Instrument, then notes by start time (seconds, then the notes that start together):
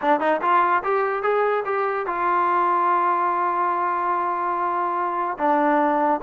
trombone
0.01 D4
0.20 D#4
0.41 F4
0.83 G4
1.22 G#4
1.65 G4
2.06 F4
5.37 D4